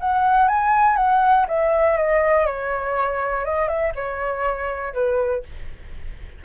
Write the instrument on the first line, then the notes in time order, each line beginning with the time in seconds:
flute
0.00 F#5
0.48 G#5
0.96 F#5
1.48 E5
1.97 D#5
2.46 C#5
3.45 D#5
3.68 E5
3.95 C#5
4.94 B4